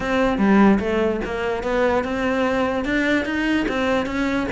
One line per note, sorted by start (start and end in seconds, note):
0.00 0.38 C4
0.38 0.78 G3
0.79 1.20 A3
1.24 1.63 A#3
1.63 2.04 B3
2.04 2.84 C4
2.84 3.25 D4
3.25 3.66 D#4
3.68 4.06 C4
4.06 4.46 C#4